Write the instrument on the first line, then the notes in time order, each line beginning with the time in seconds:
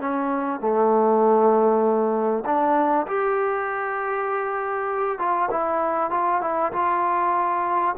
trombone
0.00 C#4
0.60 A3
2.45 D4
3.07 G4
5.18 F4
5.50 E4
6.11 F4
6.41 E4
6.72 F4